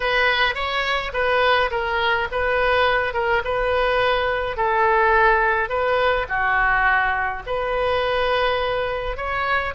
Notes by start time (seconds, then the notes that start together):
0.00 B4
0.54 C#5
1.13 B4
1.70 A#4
2.31 B4
3.13 A#4
3.44 B4
4.57 A4
5.69 B4
6.28 F#4
7.46 B4
9.16 C#5